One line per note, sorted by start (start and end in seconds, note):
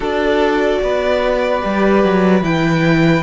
0.00 0.78 D4
0.00 1.60 F#4
0.00 0.79 A4
0.00 2.43 D5
0.82 1.63 B3
0.82 3.23 B4
1.60 2.04 G3
1.60 2.41 G4
2.04 2.41 F#3
2.41 3.22 E3
2.41 3.23 E4
2.41 3.23 G5